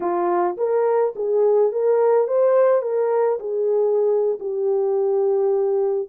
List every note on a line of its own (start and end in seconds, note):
0.00 0.56 F4
0.57 1.13 A#4
1.15 1.71 G#4
1.71 2.27 A#4
2.27 2.81 C5
2.81 3.38 A#4
3.39 4.38 G#4
4.39 6.08 G4